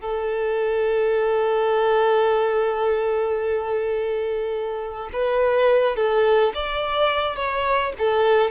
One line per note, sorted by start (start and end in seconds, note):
0.00 5.09 A4
5.13 5.96 B4
5.96 6.52 A4
6.54 7.36 D5
7.36 7.92 C#5
7.98 8.51 A4